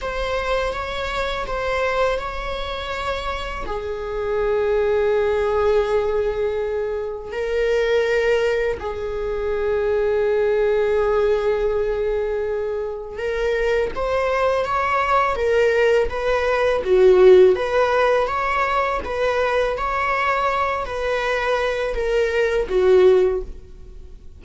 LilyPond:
\new Staff \with { instrumentName = "viola" } { \time 4/4 \tempo 4 = 82 c''4 cis''4 c''4 cis''4~ | cis''4 gis'2.~ | gis'2 ais'2 | gis'1~ |
gis'2 ais'4 c''4 | cis''4 ais'4 b'4 fis'4 | b'4 cis''4 b'4 cis''4~ | cis''8 b'4. ais'4 fis'4 | }